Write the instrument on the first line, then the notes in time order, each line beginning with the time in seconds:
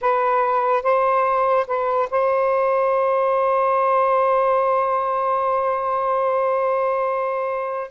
saxophone
0.01 B4
0.83 C5
1.67 B4
2.10 C5